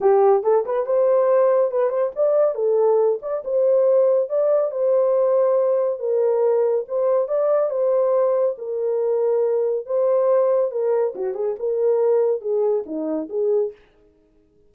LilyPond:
\new Staff \with { instrumentName = "horn" } { \time 4/4 \tempo 4 = 140 g'4 a'8 b'8 c''2 | b'8 c''8 d''4 a'4. d''8 | c''2 d''4 c''4~ | c''2 ais'2 |
c''4 d''4 c''2 | ais'2. c''4~ | c''4 ais'4 fis'8 gis'8 ais'4~ | ais'4 gis'4 dis'4 gis'4 | }